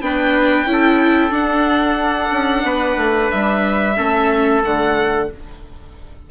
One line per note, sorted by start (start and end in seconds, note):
0.00 0.64 B3
0.00 0.66 D4
0.00 0.70 B4
0.00 1.33 G5
0.64 1.30 C#4
0.64 1.30 E4
0.72 2.64 A4
1.30 2.29 D4
1.30 3.94 D4
1.30 3.30 F#5
2.31 2.62 C#4
2.62 2.95 B3
2.62 3.96 B4
2.96 3.29 A3
3.30 3.98 G3
3.30 4.62 E5
3.96 4.64 A3
3.96 4.62 C#4
3.96 5.28 A4
4.63 5.30 D3
4.63 5.29 A3
4.63 5.30 F#5